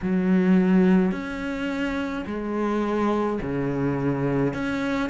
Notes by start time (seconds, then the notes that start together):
0.02 F#3
1.11 C#4
2.26 G#3
3.42 C#3
4.53 C#4